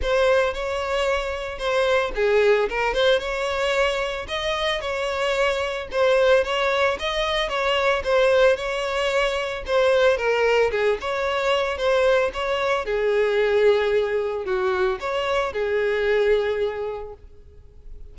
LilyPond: \new Staff \with { instrumentName = "violin" } { \time 4/4 \tempo 4 = 112 c''4 cis''2 c''4 | gis'4 ais'8 c''8 cis''2 | dis''4 cis''2 c''4 | cis''4 dis''4 cis''4 c''4 |
cis''2 c''4 ais'4 | gis'8 cis''4. c''4 cis''4 | gis'2. fis'4 | cis''4 gis'2. | }